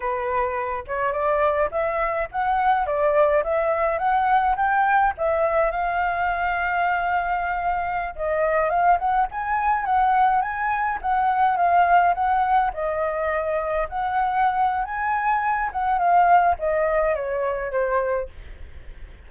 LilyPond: \new Staff \with { instrumentName = "flute" } { \time 4/4 \tempo 4 = 105 b'4. cis''8 d''4 e''4 | fis''4 d''4 e''4 fis''4 | g''4 e''4 f''2~ | f''2~ f''16 dis''4 f''8 fis''16~ |
fis''16 gis''4 fis''4 gis''4 fis''8.~ | fis''16 f''4 fis''4 dis''4.~ dis''16~ | dis''16 fis''4.~ fis''16 gis''4. fis''8 | f''4 dis''4 cis''4 c''4 | }